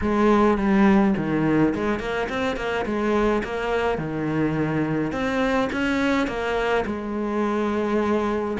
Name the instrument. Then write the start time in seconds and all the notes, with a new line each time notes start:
cello
0.01 G#3
0.57 G3
1.17 D#3
1.74 G#3
1.99 A#3
2.29 C4
2.56 A#3
2.85 G#3
3.43 A#3
3.98 D#3
5.12 C4
5.72 C#4
6.27 A#3
6.85 G#3